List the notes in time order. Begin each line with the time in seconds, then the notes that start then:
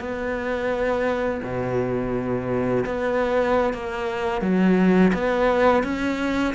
0.00 B3
1.44 B2
2.86 B3
3.74 A#3
4.42 F#3
5.14 B3
5.84 C#4